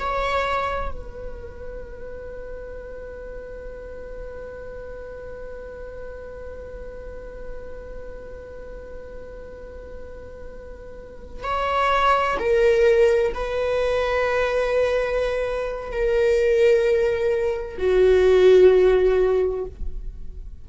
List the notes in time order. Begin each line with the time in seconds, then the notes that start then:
0.00 C#5
0.92 B4
11.44 C#5
12.40 A#4
13.34 B4
15.92 A#4
17.78 F#4